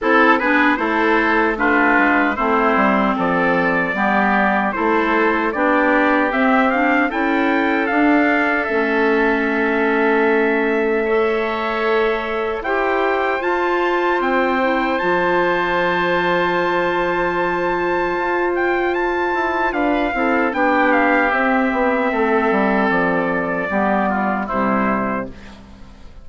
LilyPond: <<
  \new Staff \with { instrumentName = "trumpet" } { \time 4/4 \tempo 4 = 76 a'8 b'8 c''4 b'4 c''4 | d''2 c''4 d''4 | e''8 f''8 g''4 f''4 e''4~ | e''1 |
g''4 a''4 g''4 a''4~ | a''2.~ a''8 g''8 | a''4 f''4 g''8 f''8 e''4~ | e''4 d''2 c''4 | }
  \new Staff \with { instrumentName = "oboe" } { \time 4/4 a'8 gis'8 a'4 f'4 e'4 | a'4 g'4 a'4 g'4~ | g'4 a'2.~ | a'2 cis''2 |
c''1~ | c''1~ | c''4 b'8 a'8 g'2 | a'2 g'8 f'8 e'4 | }
  \new Staff \with { instrumentName = "clarinet" } { \time 4/4 e'8 d'8 e'4 d'4 c'4~ | c'4 b4 e'4 d'4 | c'8 d'8 e'4 d'4 cis'4~ | cis'2 a'2 |
g'4 f'4. e'8 f'4~ | f'1~ | f'4. e'8 d'4 c'4~ | c'2 b4 g4 | }
  \new Staff \with { instrumentName = "bassoon" } { \time 4/4 c'8 b8 a4. gis8 a8 g8 | f4 g4 a4 b4 | c'4 cis'4 d'4 a4~ | a1 |
e'4 f'4 c'4 f4~ | f2. f'4~ | f'8 e'8 d'8 c'8 b4 c'8 b8 | a8 g8 f4 g4 c4 | }
>>